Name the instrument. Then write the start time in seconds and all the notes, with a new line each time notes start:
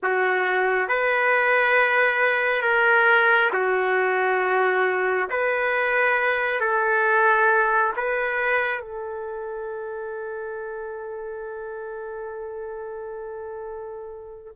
trumpet
0.02 F#4
0.88 B4
2.61 A#4
3.52 F#4
5.30 B4
6.60 A4
7.96 B4
8.80 A4